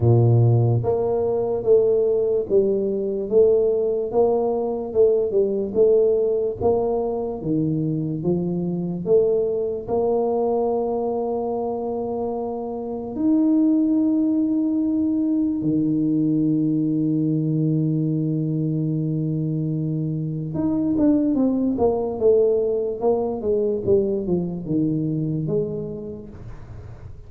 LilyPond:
\new Staff \with { instrumentName = "tuba" } { \time 4/4 \tempo 4 = 73 ais,4 ais4 a4 g4 | a4 ais4 a8 g8 a4 | ais4 dis4 f4 a4 | ais1 |
dis'2. dis4~ | dis1~ | dis4 dis'8 d'8 c'8 ais8 a4 | ais8 gis8 g8 f8 dis4 gis4 | }